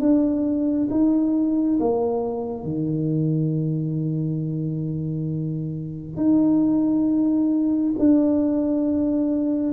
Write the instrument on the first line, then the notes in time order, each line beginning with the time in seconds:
tuba
0.00 D4
0.90 D#4
1.80 A#3
2.64 D#3
6.16 D#4
7.99 D4